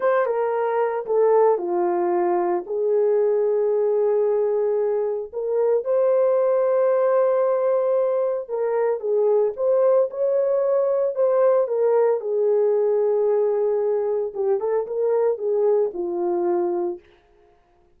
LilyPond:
\new Staff \with { instrumentName = "horn" } { \time 4/4 \tempo 4 = 113 c''8 ais'4. a'4 f'4~ | f'4 gis'2.~ | gis'2 ais'4 c''4~ | c''1 |
ais'4 gis'4 c''4 cis''4~ | cis''4 c''4 ais'4 gis'4~ | gis'2. g'8 a'8 | ais'4 gis'4 f'2 | }